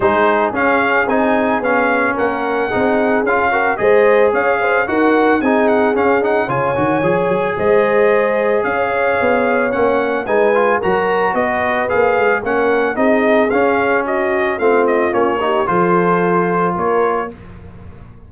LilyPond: <<
  \new Staff \with { instrumentName = "trumpet" } { \time 4/4 \tempo 4 = 111 c''4 f''4 gis''4 f''4 | fis''2 f''4 dis''4 | f''4 fis''4 gis''8 fis''8 f''8 fis''8 | gis''2 dis''2 |
f''2 fis''4 gis''4 | ais''4 dis''4 f''4 fis''4 | dis''4 f''4 dis''4 f''8 dis''8 | cis''4 c''2 cis''4 | }
  \new Staff \with { instrumentName = "horn" } { \time 4/4 gis'1 | ais'4 gis'4. ais'8 c''4 | cis''8 c''8 ais'4 gis'2 | cis''2 c''2 |
cis''2. b'4 | ais'4 b'2 ais'4 | gis'2 fis'4 f'4~ | f'8 g'8 a'2 ais'4 | }
  \new Staff \with { instrumentName = "trombone" } { \time 4/4 dis'4 cis'4 dis'4 cis'4~ | cis'4 dis'4 f'8 fis'8 gis'4~ | gis'4 fis'4 dis'4 cis'8 dis'8 | f'8 fis'8 gis'2.~ |
gis'2 cis'4 dis'8 f'8 | fis'2 gis'4 cis'4 | dis'4 cis'2 c'4 | cis'8 dis'8 f'2. | }
  \new Staff \with { instrumentName = "tuba" } { \time 4/4 gis4 cis'4 c'4 b4 | ais4 c'4 cis'4 gis4 | cis'4 dis'4 c'4 cis'4 | cis8 dis8 f8 fis8 gis2 |
cis'4 b4 ais4 gis4 | fis4 b4 ais8 gis8 ais4 | c'4 cis'2 a4 | ais4 f2 ais4 | }
>>